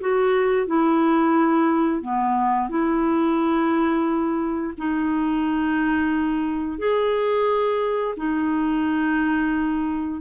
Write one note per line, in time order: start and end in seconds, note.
0.00 0.67 F#4
0.67 2.01 E4
2.01 2.69 B3
2.69 4.74 E4
4.77 6.78 D#4
6.78 8.15 G#4
8.17 10.21 D#4